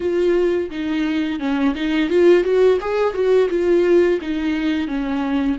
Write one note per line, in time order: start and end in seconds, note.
0.00 0.69 F4
0.70 1.39 D#4
1.39 1.74 C#4
1.74 2.09 D#4
2.09 2.43 F4
2.43 2.78 F#4
2.80 3.14 G#4
3.14 3.49 F#4
3.49 4.19 F4
4.21 4.87 D#4
4.87 5.57 C#4